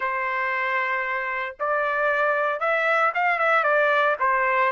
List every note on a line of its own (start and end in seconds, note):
0.00 1.56 C5
1.59 2.60 D5
2.60 3.12 E5
3.14 3.39 F5
3.39 3.63 E5
3.63 4.15 D5
4.19 4.71 C5